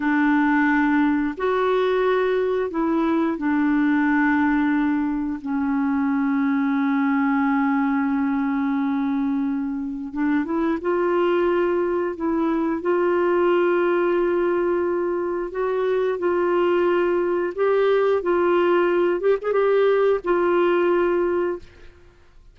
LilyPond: \new Staff \with { instrumentName = "clarinet" } { \time 4/4 \tempo 4 = 89 d'2 fis'2 | e'4 d'2. | cis'1~ | cis'2. d'8 e'8 |
f'2 e'4 f'4~ | f'2. fis'4 | f'2 g'4 f'4~ | f'8 g'16 gis'16 g'4 f'2 | }